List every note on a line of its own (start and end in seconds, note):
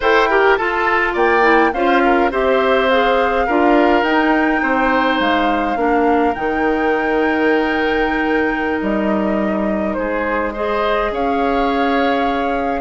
0.00 0.58 E4
0.00 0.30 A4
0.00 0.29 C5
0.00 0.55 G5
0.29 0.59 G4
0.29 0.58 A#4
0.55 1.15 F4
0.55 1.42 F4
0.55 1.13 A4
0.55 1.13 A5
1.13 1.73 A#3
1.13 1.71 D5
1.13 1.73 G5
1.42 1.71 E4
1.73 2.31 C#4
1.73 2.31 F4
1.73 2.02 C5
1.73 2.30 F5
2.05 2.31 A#4
2.31 3.47 C4
2.31 2.88 G4
2.31 3.46 C5
2.31 2.89 E5
2.89 3.48 G#4
2.89 4.03 F5
3.46 4.02 D4
3.46 4.03 F4
3.46 4.61 A#4
4.02 4.60 D#4
4.02 5.76 D#4
4.02 5.19 G5
4.62 5.20 C4
4.62 5.78 C5
5.19 5.76 G#3
5.19 6.34 F5
5.76 6.33 A#3
5.76 6.34 D4
5.76 9.97 A#4
6.34 8.81 D#3
6.34 10.53 D#4
6.34 8.79 G5
8.80 9.96 G3
8.80 9.94 D#5
9.94 11.10 G#3
9.94 10.53 G#4
9.94 10.51 C5
10.53 12.81 G#4
10.53 11.10 C5
10.53 11.13 D#5
11.10 12.81 C#4
11.10 12.81 C#5
11.10 12.81 F5